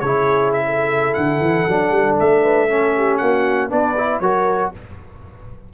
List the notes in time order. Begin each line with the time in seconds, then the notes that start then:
0.00 C#3 E4 G#4 C#5
0.53 E5
0.65 A4
1.13 D3 F#5
1.40 E3
1.68 F#3 D4
1.90 G3
2.19 A3 E5
2.42 B4
2.69 C#4 A4
2.96 G4
3.17 A#3 F#4 F#5
3.69 B3 D4 B4 D5
3.97 E4
4.20 F#3 F#4 A#4 C#5